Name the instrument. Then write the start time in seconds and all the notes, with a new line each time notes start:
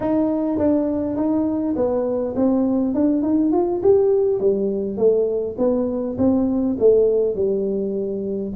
tuba
0.00 D#4
0.57 D4
1.16 D#4
1.76 B3
2.36 C4
2.94 D4
3.22 D#4
3.52 F4
3.82 G4
4.40 G3
4.97 A3
5.58 B3
6.17 C4
6.79 A3
7.35 G3